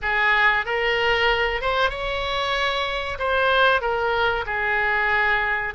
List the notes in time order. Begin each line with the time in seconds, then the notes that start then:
0.01 G#4
0.65 A#4
1.61 C5
1.90 C#5
3.18 C5
3.81 A#4
4.46 G#4